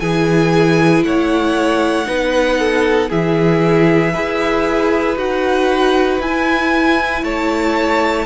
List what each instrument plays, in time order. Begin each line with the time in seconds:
0.00 cello E3, viola E4, violin G#4 G#5
1.04 cello A3, violin C#5 F#5
2.05 cello B3, viola D#4, violin B4
2.59 violin A4
3.10 cello E3, viola E4, violin G#4 E5
4.13 cello E4, viola G#4, violin B4
5.17 cello D#4, viola F#4, violin F#5
6.20 cello E4, viola E4, violin G#5
7.23 cello A3, violin C#5 A5